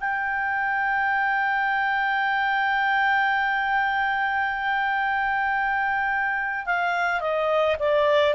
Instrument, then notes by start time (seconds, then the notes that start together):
clarinet
0.00 G5
6.66 F5
7.21 D#5
7.79 D5